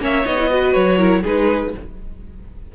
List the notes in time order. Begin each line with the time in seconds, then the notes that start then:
0.00 A#3 C#4 C#5 E5
0.25 B3 D#4 D#5
0.39 E4
0.50 F#4 B4
0.73 F#3 C#5
0.99 E4 A#4
1.23 G#3 D#4 G#4 B4